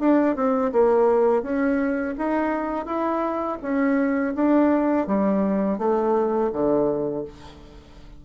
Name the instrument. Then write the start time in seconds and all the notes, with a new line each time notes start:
bassoon
0.00 D4
0.36 C4
0.73 A#3
1.43 C#4
2.18 D#4
2.86 E4
3.62 C#4
4.35 D4
5.07 G3
5.79 A3
6.53 D3